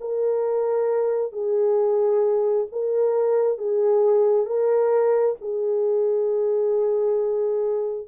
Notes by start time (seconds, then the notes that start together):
0.00 A#4
1.32 G#4
2.72 A#4
3.58 G#4
4.46 A#4
5.41 G#4